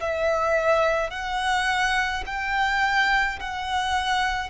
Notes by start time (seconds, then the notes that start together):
0.00 E5
1.10 F#5
2.26 G5
3.40 F#5